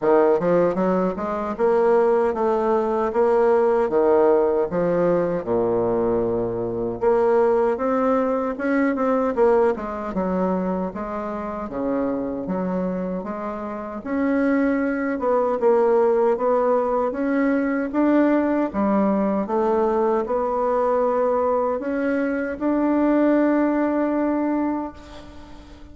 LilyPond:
\new Staff \with { instrumentName = "bassoon" } { \time 4/4 \tempo 4 = 77 dis8 f8 fis8 gis8 ais4 a4 | ais4 dis4 f4 ais,4~ | ais,4 ais4 c'4 cis'8 c'8 | ais8 gis8 fis4 gis4 cis4 |
fis4 gis4 cis'4. b8 | ais4 b4 cis'4 d'4 | g4 a4 b2 | cis'4 d'2. | }